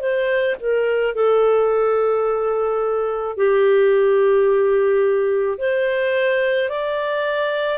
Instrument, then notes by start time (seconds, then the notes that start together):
clarinet
0.00 C5
0.60 A#4
1.15 A4
3.37 G4
5.58 C5
6.69 D5